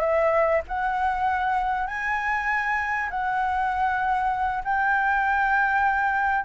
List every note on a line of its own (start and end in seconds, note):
0.00 0.61 E5
0.67 1.86 F#5
1.86 3.09 G#5
3.10 4.63 F#5
4.64 6.44 G5